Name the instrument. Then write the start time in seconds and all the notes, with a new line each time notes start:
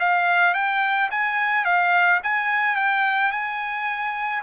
trumpet
0.00 F5
0.55 G5
1.11 G#5
1.65 F5
2.24 G#5
2.77 G5
3.32 G#5